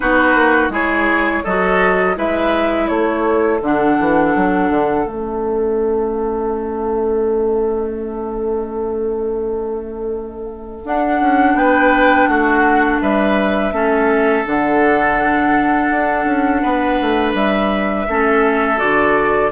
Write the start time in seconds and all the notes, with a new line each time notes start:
0.00 B3 D#4 F#4 B4
0.34 A#3
0.69 G#3 E4 G#4 C#5
1.43 F#3 F#4 A4 D#5
2.15 G#3 E4 B4 E5
2.87 A3 A4 C#5
3.61 D3 D4 F#5
3.99 E3
4.35 F#3
4.70 D3
5.04 A3 C#4 E5
10.84 D4 F#5
11.20 C#4
11.54 B3 B4 G5
12.27 A3 F#4 F#5
13.01 G3 B4 E5
13.72 A3 C#4 A4
14.45 D3 D4 F#5
15.90 D4
16.25 C#4
16.62 B3 B4
17.00 A3
17.34 G3 E5
18.08 A3 C#4 A4
18.76 D3 F#4 D5